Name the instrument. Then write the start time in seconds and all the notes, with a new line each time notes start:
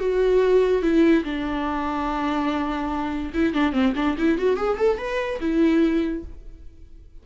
viola
0.00 F#4
0.82 E4
1.25 D4
3.34 E4
3.54 D4
3.73 C4
3.96 D4
4.18 E4
4.38 F#4
4.57 G#4
4.78 A4
4.98 B4
5.41 E4